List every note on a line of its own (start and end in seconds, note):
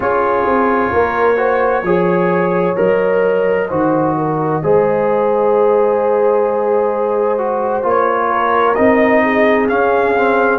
0.00 0.46 C#4
0.00 1.36 F4
0.00 0.92 G#4
0.00 2.77 C#5
0.46 0.92 C4
0.92 1.82 A#3
0.92 1.37 A#4
1.36 1.82 F#4
1.36 1.83 C5
1.82 2.75 F3
1.82 2.76 G#4
1.82 3.68 C#5
2.76 3.70 F#3
2.76 3.68 A#4
2.76 7.84 D#5
3.68 4.62 D#3
3.68 4.62 F#4
3.68 4.14 C5
4.17 4.63 A#4
4.62 7.84 G#3
4.62 7.38 G#4
4.62 8.30 C5
7.38 7.82 F#4
7.82 8.76 A#3
7.82 8.75 F4
7.82 8.74 C#5
8.30 9.23 A#4
8.74 9.70 C4
8.74 9.68 D#4
8.74 9.67 D#5
9.23 10.58 G#4
9.68 10.15 C#4
9.68 10.58 C#4
9.68 10.58 F5
10.16 10.58 C4